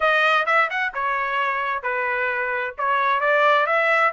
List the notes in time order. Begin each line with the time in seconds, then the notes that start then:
0.00 D#5
0.46 E5
0.70 F#5
0.93 C#5
1.82 B4
2.78 C#5
3.20 D5
3.66 E5